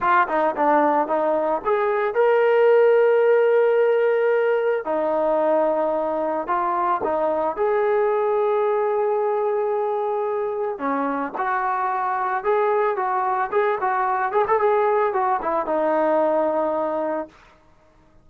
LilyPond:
\new Staff \with { instrumentName = "trombone" } { \time 4/4 \tempo 4 = 111 f'8 dis'8 d'4 dis'4 gis'4 | ais'1~ | ais'4 dis'2. | f'4 dis'4 gis'2~ |
gis'1 | cis'4 fis'2 gis'4 | fis'4 gis'8 fis'4 gis'16 a'16 gis'4 | fis'8 e'8 dis'2. | }